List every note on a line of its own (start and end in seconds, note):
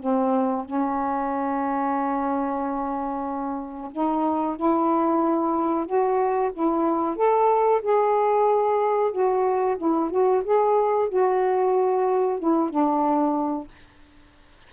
0.00 0.65 C4
0.65 3.91 C#4
3.92 4.57 D#4
4.57 5.86 E4
5.86 6.51 F#4
6.54 7.16 E4
7.16 7.81 A4
7.82 9.12 G#4
9.12 9.77 F#4
9.78 10.11 E4
10.11 10.43 F#4
10.44 11.09 G#4
11.09 12.39 F#4
12.39 12.70 E4
12.70 13.68 D4